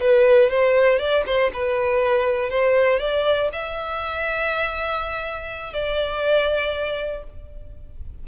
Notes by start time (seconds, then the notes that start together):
0.00 B4
0.50 C5
0.99 D5
1.26 C5
1.53 B4
2.50 C5
2.99 D5
3.53 E5
5.73 D5